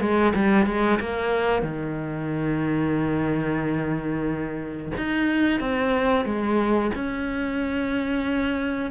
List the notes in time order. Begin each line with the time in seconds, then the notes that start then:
0.00 G#3
0.34 G3
0.66 G#3
1.00 A#3
1.62 D#3
4.97 D#4
5.60 C4
6.25 G#3
6.94 C#4